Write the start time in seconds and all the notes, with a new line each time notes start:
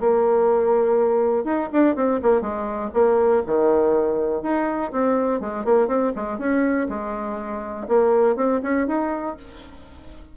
0.00 A#3
1.45 D#4
1.72 D4
1.96 C4
2.22 A#3
2.41 G#3
2.94 A#3
3.46 D#3
4.43 D#4
4.92 C4
5.40 G#3
5.65 A#3
5.88 C4
6.16 G#3
6.38 C#4
6.89 G#3
7.88 A#3
8.36 C4
8.63 C#4
8.87 D#4